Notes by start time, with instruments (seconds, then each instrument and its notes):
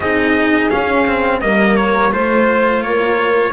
0.00 double bass C4, cello D#4, horn G#4, trumpet D#5
0.69 cello C#4, double bass C#4, trumpet F5
1.06 cello C4
1.41 double bass G3, cello A#3, horn A#4, trumpet D#5
1.76 trumpet C#5
2.11 double bass A3, cello F4, trumpet C5, horn C5
2.81 double bass A#3, horn A#4, trumpet C#5